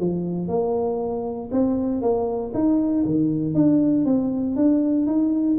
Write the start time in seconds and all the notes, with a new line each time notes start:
0.00 F3
0.48 A#3
1.52 C4
2.02 A#3
2.54 D#4
3.05 D#3
3.55 D4
4.06 C4
4.56 D4
5.07 D#4